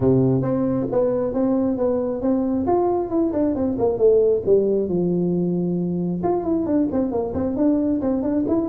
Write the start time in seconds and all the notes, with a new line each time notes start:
0.00 C3
0.41 C4
0.91 B3
1.33 C4
1.77 B3
2.21 C4
2.66 F4
3.10 E4
3.33 D4
3.55 C4
3.78 A#3
3.98 A3
4.45 G3
4.88 F3
6.23 F4
6.43 E4
6.65 D4
6.92 C4
7.11 A#3
7.34 C4
7.56 D4
8.01 C4
8.22 D4
8.47 E4